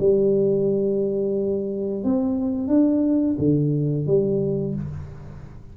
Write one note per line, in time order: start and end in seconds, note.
0.00 2.04 G3
2.04 2.68 C4
2.68 3.37 D4
3.39 4.07 D3
4.07 4.75 G3